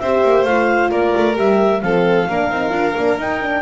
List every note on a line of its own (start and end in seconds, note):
0.00 0.23 C4
0.00 0.48 G4
0.00 0.91 C5
0.00 0.45 E5
0.24 0.45 A#3
0.45 0.91 A3
0.45 1.35 F4
0.45 0.90 F5
0.91 1.14 A#3
0.91 1.82 A#4
0.91 1.36 D5
1.17 1.37 A3
1.35 1.83 G3
1.35 1.80 G4
1.35 1.82 E5
1.82 2.28 F3
1.82 2.29 C4
1.82 2.29 A4
1.82 3.18 F5
2.29 2.50 A#3
2.29 2.52 D4
2.29 3.62 A#4
2.50 2.72 C4
2.50 2.70 D#4
2.70 2.94 D4
2.70 2.92 F4
2.98 3.19 A#3
2.98 3.19 D4
3.19 3.41 D#4
3.19 3.62 D#4
3.19 3.62 G5
3.42 3.62 D4